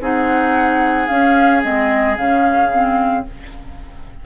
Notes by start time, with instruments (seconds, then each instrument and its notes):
0.00 bassoon C4, clarinet D#4, oboe G#4, flute F#5
1.07 clarinet C#4, bassoon C#4, flute F5
1.62 bassoon G#3, clarinet C4, flute D#5
2.17 bassoon C#3, clarinet C#4, flute F5
2.71 clarinet C4